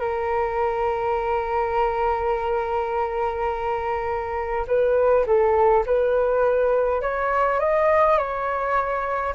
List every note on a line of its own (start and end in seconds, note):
0.00 4.66 A#4
4.67 5.25 B4
5.26 5.85 A4
5.86 7.02 B4
7.02 7.60 C#5
7.60 8.18 D#5
8.18 9.34 C#5